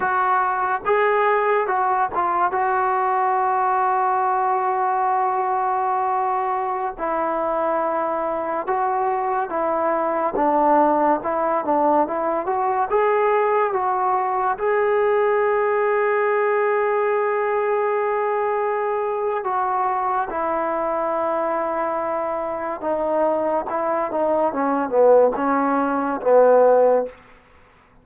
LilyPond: \new Staff \with { instrumentName = "trombone" } { \time 4/4 \tempo 4 = 71 fis'4 gis'4 fis'8 f'8 fis'4~ | fis'1~ | fis'16 e'2 fis'4 e'8.~ | e'16 d'4 e'8 d'8 e'8 fis'8 gis'8.~ |
gis'16 fis'4 gis'2~ gis'8.~ | gis'2. fis'4 | e'2. dis'4 | e'8 dis'8 cis'8 b8 cis'4 b4 | }